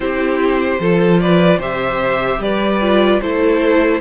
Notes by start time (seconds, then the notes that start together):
0.00 C4 E4 G4 C5
0.79 F3 F4 A4
1.19 B4 D5
1.58 C3 G4 C5 E5
2.38 G3 B4 D5
2.81 F4
3.20 A3 E4 A4 C5